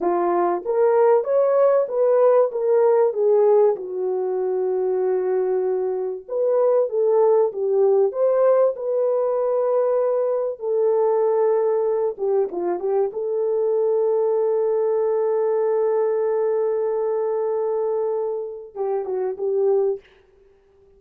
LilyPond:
\new Staff \with { instrumentName = "horn" } { \time 4/4 \tempo 4 = 96 f'4 ais'4 cis''4 b'4 | ais'4 gis'4 fis'2~ | fis'2 b'4 a'4 | g'4 c''4 b'2~ |
b'4 a'2~ a'8 g'8 | f'8 g'8 a'2.~ | a'1~ | a'2 g'8 fis'8 g'4 | }